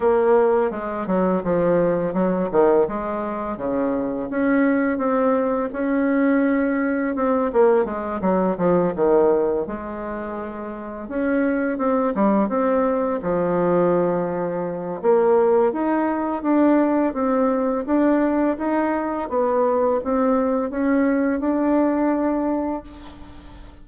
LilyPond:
\new Staff \with { instrumentName = "bassoon" } { \time 4/4 \tempo 4 = 84 ais4 gis8 fis8 f4 fis8 dis8 | gis4 cis4 cis'4 c'4 | cis'2 c'8 ais8 gis8 fis8 | f8 dis4 gis2 cis'8~ |
cis'8 c'8 g8 c'4 f4.~ | f4 ais4 dis'4 d'4 | c'4 d'4 dis'4 b4 | c'4 cis'4 d'2 | }